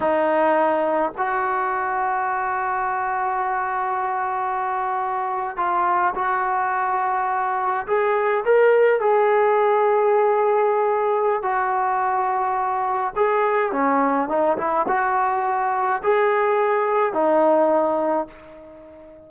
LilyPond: \new Staff \with { instrumentName = "trombone" } { \time 4/4 \tempo 4 = 105 dis'2 fis'2~ | fis'1~ | fis'4.~ fis'16 f'4 fis'4~ fis'16~ | fis'4.~ fis'16 gis'4 ais'4 gis'16~ |
gis'1 | fis'2. gis'4 | cis'4 dis'8 e'8 fis'2 | gis'2 dis'2 | }